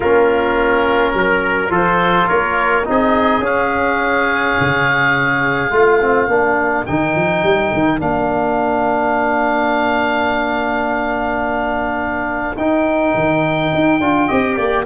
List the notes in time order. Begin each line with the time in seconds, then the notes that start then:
0.00 A#3 C#4 F4 A#4
1.13 F#3 A#4
1.69 F3 F4 A4 C5
2.27 A#3 A#4 C#5
2.84 C4 D#4 G#4 D#5
3.39 C#4
3.45 F5
4.60 C#3
5.70 A3 F4
6.01 C4
6.27 A#3 D4 A#4
6.86 D#3 D#4 G5
7.15 F3
7.43 G3
7.73 D#3
7.98 A#3 D4 F5
12.56 D#4 G5
13.14 D#3
13.74 D#4
14.00 D4 F4
14.27 C4 G4 D#5
14.56 A#3 D5